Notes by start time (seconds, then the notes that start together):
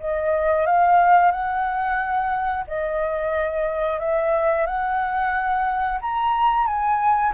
0.00 D#5
0.66 F5
1.32 F#5
2.68 D#5
4.00 E5
4.66 F#5
6.02 A#5
6.67 G#5